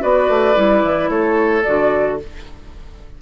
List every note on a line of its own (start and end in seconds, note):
0.00 0.29 B3
0.00 0.54 F#4
0.00 1.10 B4
0.00 1.09 D5
0.29 0.56 A3
0.54 0.83 G3
0.54 1.62 E4
0.83 1.09 E3
1.09 1.63 A3
1.09 2.18 A4
1.09 1.63 C#5
1.63 2.21 D3
1.63 2.19 F#4
1.63 2.17 D5